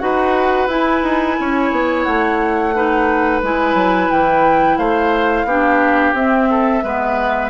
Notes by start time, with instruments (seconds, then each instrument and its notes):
0.00 bassoon D#4, clarinet F#4, oboe B4, flute F#5
0.68 bassoon E4, clarinet E4, flute G#5
1.03 bassoon D#4
1.40 bassoon C#4, oboe C#5
1.72 bassoon B3
2.04 bassoon A3, flute F#5
2.75 clarinet D#4, oboe B4
3.43 bassoon G#3, clarinet E4, flute G#5
3.75 bassoon F#3
4.12 bassoon E3, flute G5
4.78 bassoon A3, oboe C5, flute F5
5.45 bassoon B3, clarinet D4, oboe G4
6.14 bassoon C4, clarinet C4, flute E5
6.51 oboe A4
6.84 bassoon G#3, clarinet B3, oboe B4